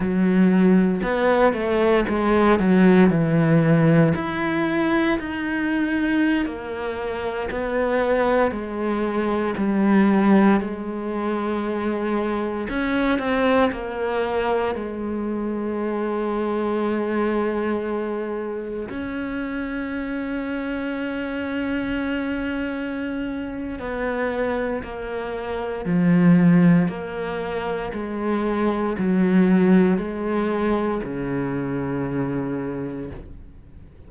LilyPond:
\new Staff \with { instrumentName = "cello" } { \time 4/4 \tempo 4 = 58 fis4 b8 a8 gis8 fis8 e4 | e'4 dis'4~ dis'16 ais4 b8.~ | b16 gis4 g4 gis4.~ gis16~ | gis16 cis'8 c'8 ais4 gis4.~ gis16~ |
gis2~ gis16 cis'4.~ cis'16~ | cis'2. b4 | ais4 f4 ais4 gis4 | fis4 gis4 cis2 | }